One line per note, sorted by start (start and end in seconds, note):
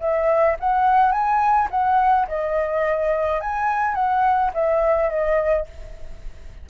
0.00 0.57 E5
0.60 1.12 F#5
1.12 1.69 G#5
1.71 2.27 F#5
2.28 3.41 D#5
3.41 3.95 G#5
3.95 4.52 F#5
4.54 5.10 E5
5.10 5.66 D#5